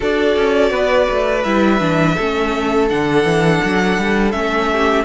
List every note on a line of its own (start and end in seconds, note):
0.00 0.36 D4
0.00 1.44 F#4
0.00 0.71 A4
0.00 1.43 D5
0.36 0.70 C#4
0.70 1.07 B3
0.70 2.14 B4
1.10 1.45 A3
1.43 1.80 G3
1.43 1.79 E4
1.43 2.88 E5
1.79 2.17 E3
1.79 2.16 D4
2.14 2.90 A3
2.14 2.89 C#4
2.14 4.67 A4
2.89 3.23 D3
2.89 4.32 D4
2.89 4.31 F#5
3.23 3.60 E3
3.64 3.98 F#3
3.98 4.33 G3
4.31 5.04 A3
4.31 5.04 C#4
4.31 5.04 E5
4.72 5.04 G4